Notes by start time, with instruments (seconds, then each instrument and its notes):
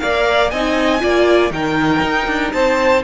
0.00 cello A#3, viola A#4, violin D5 F5
0.50 cello C4, viola D#4, violin D#5 G#5
1.01 cello A#3, viola F4, violin D5
1.51 cello D#3, viola D#4, violin A#4 G5
2.02 cello D#4
2.28 cello D4
2.52 cello C4, violin C5 A5